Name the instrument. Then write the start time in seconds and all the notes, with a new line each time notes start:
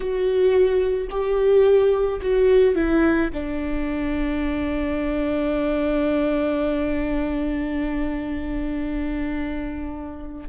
viola
0.00 F#4
1.10 G4
2.21 F#4
2.75 E4
3.33 D4